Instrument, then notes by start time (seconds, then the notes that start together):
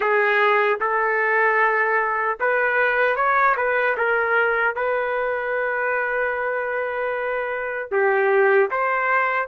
trumpet
0.00 G#4
0.80 A4
2.39 B4
3.16 C#5
3.57 B4
3.97 A#4
4.75 B4
7.91 G4
8.71 C5